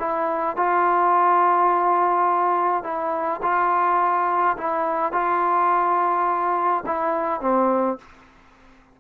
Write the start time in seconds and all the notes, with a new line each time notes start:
0.00 E4
0.57 F4
2.84 E4
3.43 F4
4.57 E4
5.13 F4
6.86 E4
7.41 C4